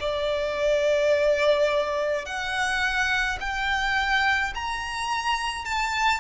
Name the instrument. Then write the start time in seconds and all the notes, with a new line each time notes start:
violin
0.00 D5
2.25 F#5
3.40 G5
4.54 A#5
5.65 A5